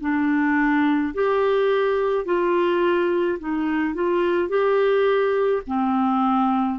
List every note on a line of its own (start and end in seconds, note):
0.00 1.13 D4
1.14 2.25 G4
2.25 3.38 F4
3.39 3.94 D#4
3.94 4.49 F4
4.49 5.62 G4
5.67 6.79 C4